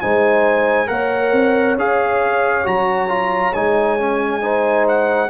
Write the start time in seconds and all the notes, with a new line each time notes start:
0.00 G#3 D#4 C5 G#5
0.87 A#3 A#4 C#5 F#5
1.32 C4
1.76 C#4 G#4 F5
2.64 F#3 F#4 A#5
3.08 F4
3.53 G#3 D#4 G#5
3.99 C#4
4.40 D#4 C5
4.88 F#5